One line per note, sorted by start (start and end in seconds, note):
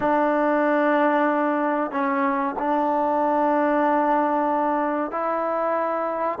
0.00 1.91 D4
1.91 2.55 C#4
2.59 5.11 D4
5.11 6.39 E4